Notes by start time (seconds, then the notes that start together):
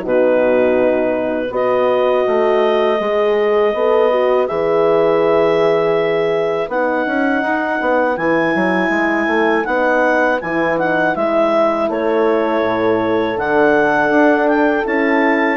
0.00 B2 D#4 F#4 B4
1.50 B3 F#4 B4 D#5
2.27 A3
3.00 G#3 G#4
3.74 B3 A4
4.11 F#4
4.46 E3 G#4 E5
6.67 B3 D#4 F#5
7.06 C#4
7.42 D#4
7.81 B3
8.17 E3 E4 G#5
8.55 F#3
8.89 G#3
9.27 A3
9.64 B3 D#4 F#5
10.40 E3 E4 G#5
10.77 D#4 F#5
11.14 G#3 E4 E5
11.88 A3 A4 C#5
12.62 A2
13.36 D3 D4 F#5
14.10 D4
14.48 G5
14.83 C#4 E4 A5